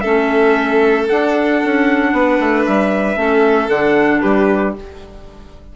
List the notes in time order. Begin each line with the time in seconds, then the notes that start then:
0.00 A3 C#4 A4 E5
1.08 D4 F#5
1.64 C#4
2.12 B3 B4
2.39 A3
2.66 G3 E5
3.16 A3 C#4 A4
3.69 D3 D4 F#5
4.20 G3 G4 B4